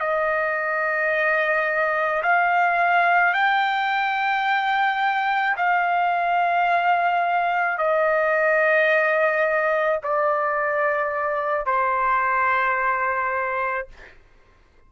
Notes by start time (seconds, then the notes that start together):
0.00 D#5
2.23 F5
3.34 G5
5.57 F5
7.78 D#5
10.03 D5
11.66 C5